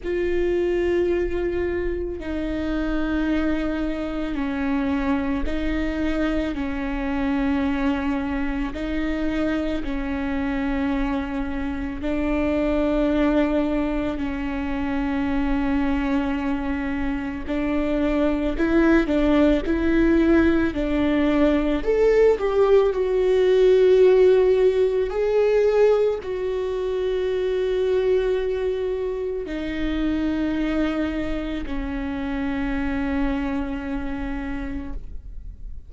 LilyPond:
\new Staff \with { instrumentName = "viola" } { \time 4/4 \tempo 4 = 55 f'2 dis'2 | cis'4 dis'4 cis'2 | dis'4 cis'2 d'4~ | d'4 cis'2. |
d'4 e'8 d'8 e'4 d'4 | a'8 g'8 fis'2 gis'4 | fis'2. dis'4~ | dis'4 cis'2. | }